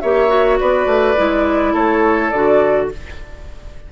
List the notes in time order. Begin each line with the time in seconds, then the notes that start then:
0.00 A#3 G4 C#5 E5
0.28 F#4
0.59 B3 B4 D5
0.86 A3
1.17 G#3 E4
1.73 A3 A4 C#5
2.30 D3 F#4 D5